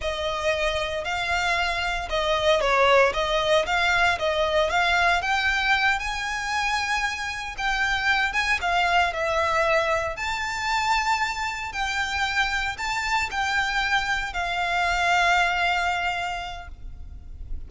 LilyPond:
\new Staff \with { instrumentName = "violin" } { \time 4/4 \tempo 4 = 115 dis''2 f''2 | dis''4 cis''4 dis''4 f''4 | dis''4 f''4 g''4. gis''8~ | gis''2~ gis''8 g''4. |
gis''8 f''4 e''2 a''8~ | a''2~ a''8 g''4.~ | g''8 a''4 g''2 f''8~ | f''1 | }